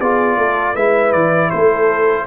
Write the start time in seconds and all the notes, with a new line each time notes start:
0.00 B3 F4 G#4 D5
0.37 A3 A4
0.75 G#3 E4 B4 E5
1.13 E3 D5
1.51 A3 A4 C5